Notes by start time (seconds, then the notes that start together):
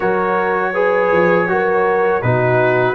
0.00 F#3 F#4 A#4 C#5
0.73 G#4 B4
1.11 F3
1.48 F#3 F#4 A#4
2.22 B2 D#4 F#4 B4